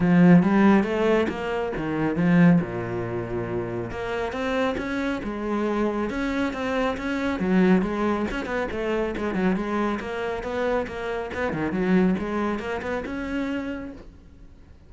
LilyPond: \new Staff \with { instrumentName = "cello" } { \time 4/4 \tempo 4 = 138 f4 g4 a4 ais4 | dis4 f4 ais,2~ | ais,4 ais4 c'4 cis'4 | gis2 cis'4 c'4 |
cis'4 fis4 gis4 cis'8 b8 | a4 gis8 fis8 gis4 ais4 | b4 ais4 b8 dis8 fis4 | gis4 ais8 b8 cis'2 | }